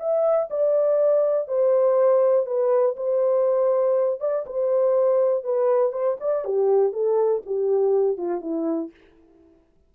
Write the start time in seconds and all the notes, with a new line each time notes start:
0.00 E5
0.50 D5
1.48 C5
2.47 B4
2.97 C5
4.21 D5
4.47 C5
5.44 B4
5.93 C5
6.21 D5
6.45 G4
6.93 A4
7.46 G4
8.18 F4
8.41 E4